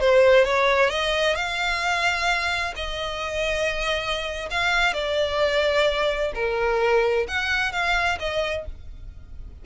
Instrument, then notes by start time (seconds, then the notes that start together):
violin
0.00 C5
0.44 C#5
0.90 D#5
1.35 F5
2.75 D#5
4.50 F5
4.93 D5
6.34 A#4
7.27 F#5
7.72 F5
8.19 D#5